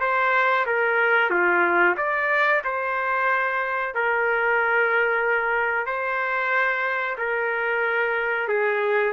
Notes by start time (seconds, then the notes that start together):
0.00 C5
0.66 A#4
1.30 F4
1.97 D5
2.64 C5
3.94 A#4
5.86 C5
7.17 A#4
8.48 G#4